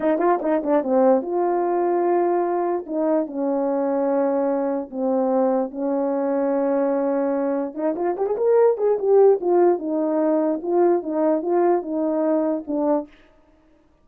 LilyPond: \new Staff \with { instrumentName = "horn" } { \time 4/4 \tempo 4 = 147 dis'8 f'8 dis'8 d'8 c'4 f'4~ | f'2. dis'4 | cis'1 | c'2 cis'2~ |
cis'2. dis'8 f'8 | g'16 gis'16 ais'4 gis'8 g'4 f'4 | dis'2 f'4 dis'4 | f'4 dis'2 d'4 | }